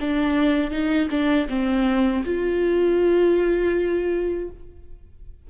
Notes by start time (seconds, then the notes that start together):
0.00 D4
0.71 D#4
1.10 D4
1.49 C4
2.25 F4